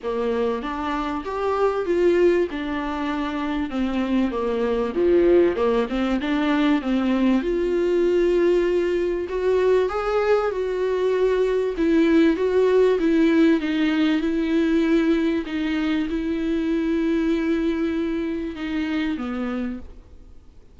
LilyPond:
\new Staff \with { instrumentName = "viola" } { \time 4/4 \tempo 4 = 97 ais4 d'4 g'4 f'4 | d'2 c'4 ais4 | f4 ais8 c'8 d'4 c'4 | f'2. fis'4 |
gis'4 fis'2 e'4 | fis'4 e'4 dis'4 e'4~ | e'4 dis'4 e'2~ | e'2 dis'4 b4 | }